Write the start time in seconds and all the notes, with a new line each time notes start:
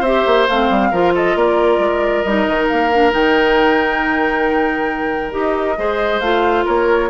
0.00 C4 G4 C5 E5
0.26 A#3
0.48 A3 C4 F5
0.70 G3
0.91 F3 F4 A#4
1.14 A4 D#5
1.35 A#3 A#4 D5
1.78 G#3
2.22 G3 D#4 D#5
2.48 D#3
2.68 A#3 F5
2.92 D4
3.10 D#3 D#4 G5
5.31 D#4 G4 D#5
5.77 G#3 G#4 C5
6.20 A3 F4 F5
6.65 A#3 A#4 C#5